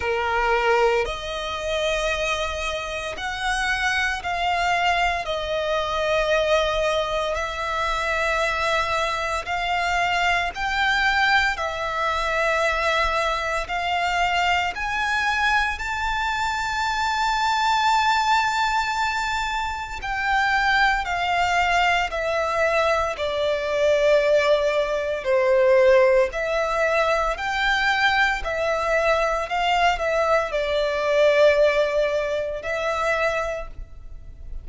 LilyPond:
\new Staff \with { instrumentName = "violin" } { \time 4/4 \tempo 4 = 57 ais'4 dis''2 fis''4 | f''4 dis''2 e''4~ | e''4 f''4 g''4 e''4~ | e''4 f''4 gis''4 a''4~ |
a''2. g''4 | f''4 e''4 d''2 | c''4 e''4 g''4 e''4 | f''8 e''8 d''2 e''4 | }